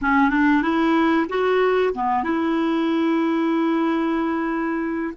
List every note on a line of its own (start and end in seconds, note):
0.01 0.30 C#4
0.30 0.62 D4
0.62 1.26 E4
1.29 1.93 F#4
1.94 2.23 B3
2.23 5.13 E4